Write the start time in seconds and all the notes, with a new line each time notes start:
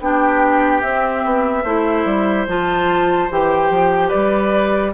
0.00 B3 D4 G4 G5
0.82 C4 E5
1.24 B3
1.64 A3 E4 C5
2.05 G3
2.47 F3 F4 A5
3.30 E3 G4 G5
3.70 F3
4.08 G3 B4 D5